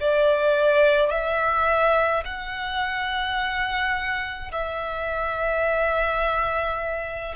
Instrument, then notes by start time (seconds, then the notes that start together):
violin
0.00 D5
1.10 E5
2.25 F#5
4.52 E5